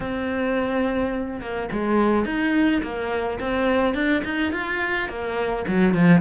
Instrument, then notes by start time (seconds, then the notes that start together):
cello
0.00 C4
1.40 A#3
1.72 G#3
2.25 D#4
2.82 A#3
3.40 C4
3.94 D4
4.24 D#4
4.52 F4
5.08 A#3
5.67 F#3
5.94 F3